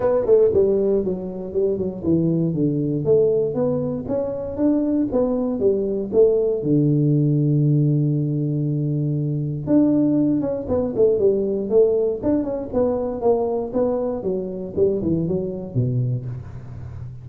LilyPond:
\new Staff \with { instrumentName = "tuba" } { \time 4/4 \tempo 4 = 118 b8 a8 g4 fis4 g8 fis8 | e4 d4 a4 b4 | cis'4 d'4 b4 g4 | a4 d2.~ |
d2. d'4~ | d'8 cis'8 b8 a8 g4 a4 | d'8 cis'8 b4 ais4 b4 | fis4 g8 e8 fis4 b,4 | }